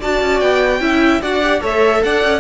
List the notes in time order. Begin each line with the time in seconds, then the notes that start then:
0.00 D4 F#4 D5 A5
0.21 C#4
0.40 B3 G5
0.80 C#4 E4 E5
1.22 D4 F#4 D5 F#5
1.42 G4
1.61 A3 A4 C#5 E5
2.03 D4 D5 F#5
2.24 C#4